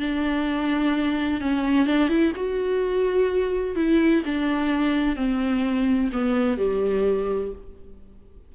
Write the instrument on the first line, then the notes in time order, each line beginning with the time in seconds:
viola
0.00 D4
1.41 C#4
1.87 D4
2.09 E4
2.36 F#4
3.76 E4
4.25 D4
5.16 C4
6.12 B3
6.58 G3